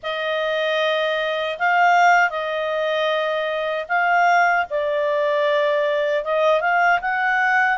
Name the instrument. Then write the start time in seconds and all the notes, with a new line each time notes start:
clarinet
0.02 D#5
1.58 F5
2.30 D#5
3.88 F5
4.70 D5
6.24 D#5
6.61 F5
7.01 F#5